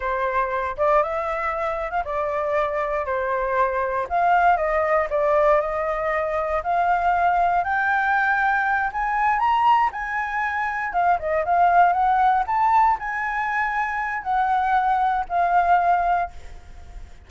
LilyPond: \new Staff \with { instrumentName = "flute" } { \time 4/4 \tempo 4 = 118 c''4. d''8 e''4.~ e''16 f''16 | d''2 c''2 | f''4 dis''4 d''4 dis''4~ | dis''4 f''2 g''4~ |
g''4. gis''4 ais''4 gis''8~ | gis''4. f''8 dis''8 f''4 fis''8~ | fis''8 a''4 gis''2~ gis''8 | fis''2 f''2 | }